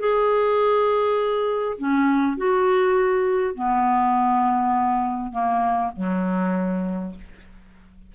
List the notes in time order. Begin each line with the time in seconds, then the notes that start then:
0.00 G#4
1.78 C#4
2.38 F#4
3.55 B3
5.32 A#3
5.96 F#3